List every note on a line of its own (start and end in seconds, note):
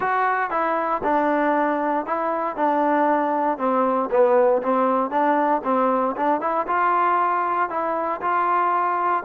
0.00 0.50 F#4
0.50 1.01 E4
1.03 2.06 D4
2.06 2.56 E4
2.56 3.58 D4
3.58 4.09 C4
4.10 4.62 B3
4.62 5.10 C4
5.10 5.61 D4
5.64 6.15 C4
6.16 6.40 D4
6.40 6.66 E4
6.67 7.69 F4
7.69 8.21 E4
8.21 9.23 F4